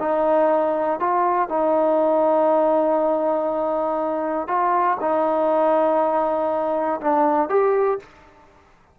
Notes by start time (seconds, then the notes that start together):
0.00 D#4
1.00 F4
1.49 D#4
4.48 F4
5.01 D#4
7.01 D4
7.50 G4